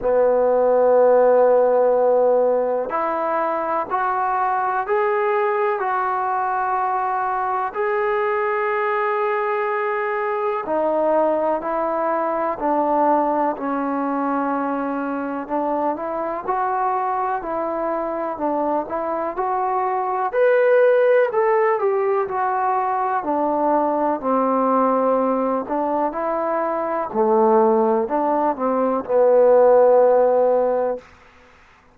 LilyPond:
\new Staff \with { instrumentName = "trombone" } { \time 4/4 \tempo 4 = 62 b2. e'4 | fis'4 gis'4 fis'2 | gis'2. dis'4 | e'4 d'4 cis'2 |
d'8 e'8 fis'4 e'4 d'8 e'8 | fis'4 b'4 a'8 g'8 fis'4 | d'4 c'4. d'8 e'4 | a4 d'8 c'8 b2 | }